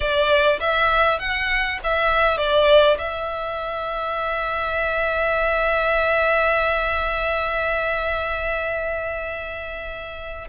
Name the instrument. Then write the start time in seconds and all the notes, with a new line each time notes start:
violin
0.00 D5
0.60 E5
1.19 F#5
1.83 E5
2.37 D5
2.98 E5